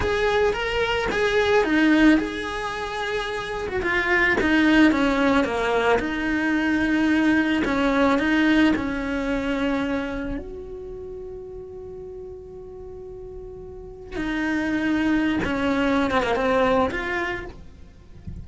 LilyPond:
\new Staff \with { instrumentName = "cello" } { \time 4/4 \tempo 4 = 110 gis'4 ais'4 gis'4 dis'4 | gis'2~ gis'8. fis'16 f'4 | dis'4 cis'4 ais4 dis'4~ | dis'2 cis'4 dis'4 |
cis'2. fis'4~ | fis'1~ | fis'2 dis'2~ | dis'16 cis'4~ cis'16 c'16 ais16 c'4 f'4 | }